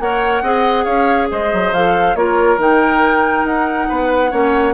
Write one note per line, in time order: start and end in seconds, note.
0.00 0.42 A#3
0.00 0.44 A#4
0.00 0.42 C#5
0.00 0.84 F#5
0.42 0.85 C4
0.42 1.73 G#4
0.42 0.84 D#5
0.84 1.29 C#4
0.84 1.28 C#5
0.84 1.27 F5
1.31 1.53 G#3
1.31 2.17 C5
1.31 1.74 D#5
1.53 1.72 F#3
1.72 2.15 F3
1.72 2.16 A4
1.72 2.16 F5
2.15 2.58 A#3
2.15 2.58 F4
2.15 3.88 A#4
2.15 2.59 C#5
2.58 3.44 D#3
2.58 4.31 D#4
2.58 3.45 G5
3.44 3.87 D#4
3.44 4.74 F#5
3.88 4.32 B3
3.88 4.31 B4
4.31 4.74 A#3
4.31 4.74 C#4
4.31 4.74 C#5